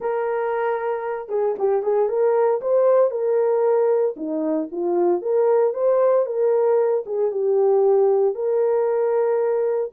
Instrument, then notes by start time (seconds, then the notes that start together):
horn
0.00 A#4
1.29 G#4
1.58 G4
1.82 G#4
2.08 A#4
2.61 C5
3.10 A#4
4.16 D#4
4.71 F4
5.21 A#4
5.73 C5
6.25 A#4
7.06 G#4
7.31 G4
8.35 A#4